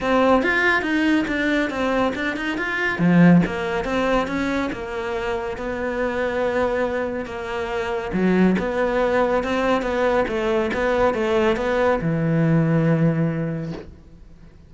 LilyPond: \new Staff \with { instrumentName = "cello" } { \time 4/4 \tempo 4 = 140 c'4 f'4 dis'4 d'4 | c'4 d'8 dis'8 f'4 f4 | ais4 c'4 cis'4 ais4~ | ais4 b2.~ |
b4 ais2 fis4 | b2 c'4 b4 | a4 b4 a4 b4 | e1 | }